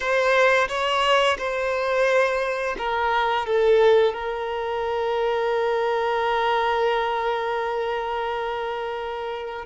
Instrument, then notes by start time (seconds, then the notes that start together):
violin
0.00 C5
0.68 C#5
1.38 C5
2.77 A#4
3.46 A4
4.13 A#4